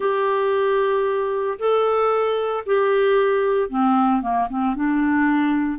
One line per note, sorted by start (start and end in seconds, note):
0.00 1.58 G4
1.58 2.64 A4
2.66 3.69 G4
3.69 4.21 C4
4.21 4.48 A#3
4.49 4.75 C4
4.75 5.78 D4